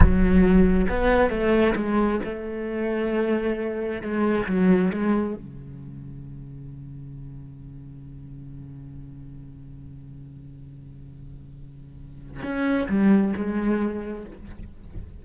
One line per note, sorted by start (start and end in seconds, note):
0.00 0.87 F#3
0.88 1.30 B3
1.30 1.74 A3
1.75 2.20 G#3
2.24 4.01 A3
4.01 4.46 G#3
4.46 4.90 F#3
4.90 5.34 G#3
5.34 12.42 C#3
12.42 12.87 C#4
12.88 13.33 G3
13.36 14.25 G#3